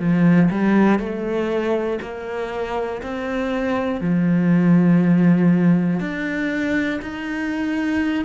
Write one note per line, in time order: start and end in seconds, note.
0.00 0.50 F3
0.50 0.99 G3
0.99 1.99 A3
2.01 3.01 A#3
3.02 4.01 C4
4.01 6.00 F3
6.00 7.00 D4
7.02 8.25 D#4